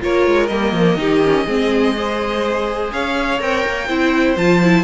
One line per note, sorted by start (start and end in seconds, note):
0.00 0.26 A#3
0.00 0.48 F4
0.00 0.99 A#4
0.00 0.47 C#5
0.26 0.49 G#3
0.47 0.72 G3
0.47 0.97 A#3
0.47 2.89 D#5
0.72 0.95 F3
0.95 1.44 D#3
0.95 1.21 D#4
0.95 1.46 G4
1.23 1.47 C#4
1.46 2.91 G#3
1.46 1.95 C4
1.46 1.94 G#4
1.96 3.40 G#4
1.96 2.93 C5
2.92 3.41 C#4
2.92 3.88 C#5
2.92 3.40 F5
3.40 3.65 C4
3.40 3.88 A#4
3.40 4.37 G5
3.66 3.89 A#3
3.88 4.36 C4
3.88 4.37 E4
3.88 4.84 C5
4.36 4.84 F3
4.36 4.61 F4
4.36 4.84 A5
4.62 4.84 E4